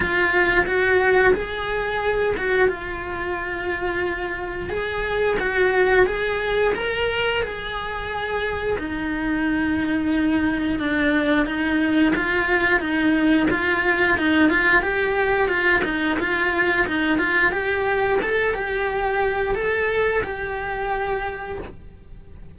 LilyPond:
\new Staff \with { instrumentName = "cello" } { \time 4/4 \tempo 4 = 89 f'4 fis'4 gis'4. fis'8 | f'2. gis'4 | fis'4 gis'4 ais'4 gis'4~ | gis'4 dis'2. |
d'4 dis'4 f'4 dis'4 | f'4 dis'8 f'8 g'4 f'8 dis'8 | f'4 dis'8 f'8 g'4 a'8 g'8~ | g'4 a'4 g'2 | }